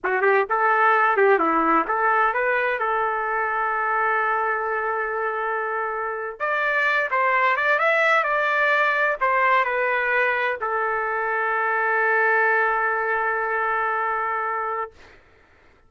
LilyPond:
\new Staff \with { instrumentName = "trumpet" } { \time 4/4 \tempo 4 = 129 fis'8 g'8 a'4. g'8 e'4 | a'4 b'4 a'2~ | a'1~ | a'4.~ a'16 d''4. c''8.~ |
c''16 d''8 e''4 d''2 c''16~ | c''8. b'2 a'4~ a'16~ | a'1~ | a'1 | }